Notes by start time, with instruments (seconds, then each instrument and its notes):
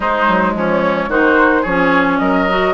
0.00 bassoon G#3, clarinet G#3, oboe D#4, flute C5
0.28 bassoon F#3
0.54 bassoon F3, oboe C#4, flute C#5
1.08 bassoon D#3, clarinet D#4, oboe F#4, flute C5
1.62 bassoon F3, clarinet C#4, oboe G#4, flute C#5
2.18 bassoon F#3, oboe A#4, flute D#5
2.49 clarinet F#4